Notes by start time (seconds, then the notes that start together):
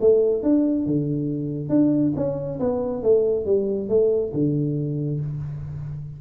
0.00 A3
0.42 D4
0.86 D3
1.69 D4
2.16 C#4
2.59 B3
3.02 A3
3.45 G3
3.89 A3
4.33 D3